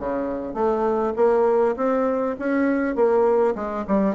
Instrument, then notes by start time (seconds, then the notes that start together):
bassoon
0.00 C#3
0.54 A3
1.16 A#3
1.77 C4
2.39 C#4
2.96 A#3
3.55 G#3
3.88 G3